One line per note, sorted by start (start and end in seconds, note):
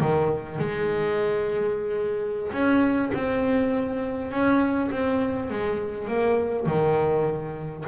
0.00 0.59 D#3
0.59 2.52 G#3
2.52 3.11 C#4
3.14 4.31 C4
4.31 4.90 C#4
4.91 5.50 C4
5.50 6.08 G#3
6.08 6.66 A#3
6.66 7.85 D#3